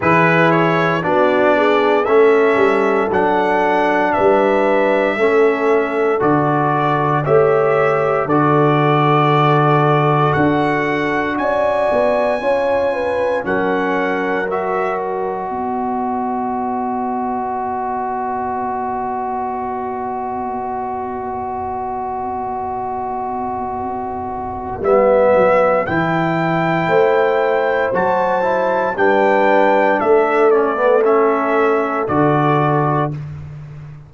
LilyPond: <<
  \new Staff \with { instrumentName = "trumpet" } { \time 4/4 \tempo 4 = 58 b'8 cis''8 d''4 e''4 fis''4 | e''2 d''4 e''4 | d''2 fis''4 gis''4~ | gis''4 fis''4 e''8 dis''4.~ |
dis''1~ | dis''1 | e''4 g''2 a''4 | g''4 e''8 d''8 e''4 d''4 | }
  \new Staff \with { instrumentName = "horn" } { \time 4/4 gis'4 fis'8 gis'8 a'2 | b'4 a'2 cis''4 | a'2. d''4 | cis''8 b'8 ais'2 b'4~ |
b'1~ | b'1~ | b'2 c''2 | b'4 a'2. | }
  \new Staff \with { instrumentName = "trombone" } { \time 4/4 e'4 d'4 cis'4 d'4~ | d'4 cis'4 fis'4 g'4 | fis'1 | f'4 cis'4 fis'2~ |
fis'1~ | fis'1 | b4 e'2 fis'8 e'8 | d'4. cis'16 b16 cis'4 fis'4 | }
  \new Staff \with { instrumentName = "tuba" } { \time 4/4 e4 b4 a8 g8 fis4 | g4 a4 d4 a4 | d2 d'4 cis'8 b8 | cis'4 fis2 b4~ |
b1~ | b1 | g8 fis8 e4 a4 fis4 | g4 a2 d4 | }
>>